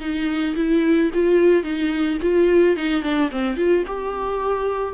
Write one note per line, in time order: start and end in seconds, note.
0.00 0.55 D#4
0.56 1.11 E4
1.14 1.63 F4
1.63 2.18 D#4
2.22 2.76 F4
2.76 3.03 D#4
3.03 3.30 D4
3.31 3.57 C4
3.57 3.84 F4
3.87 4.94 G4